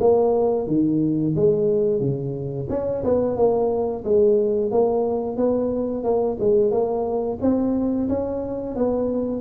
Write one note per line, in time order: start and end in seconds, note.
0.00 0.67 A#3
0.67 1.35 D#3
1.36 2.01 G#3
2.01 2.68 C#3
2.70 3.04 C#4
3.04 3.36 B3
3.36 4.04 A#3
4.04 4.72 G#3
4.72 5.37 A#3
5.37 6.04 B3
6.04 6.37 A#3
6.40 6.71 G#3
6.71 7.39 A#3
7.41 8.09 C4
8.09 8.76 C#4
8.76 9.41 B3